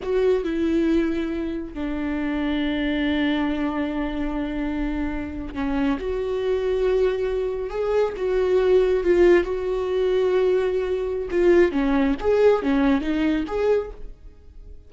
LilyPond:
\new Staff \with { instrumentName = "viola" } { \time 4/4 \tempo 4 = 138 fis'4 e'2. | d'1~ | d'1~ | d'8. cis'4 fis'2~ fis'16~ |
fis'4.~ fis'16 gis'4 fis'4~ fis'16~ | fis'8. f'4 fis'2~ fis'16~ | fis'2 f'4 cis'4 | gis'4 cis'4 dis'4 gis'4 | }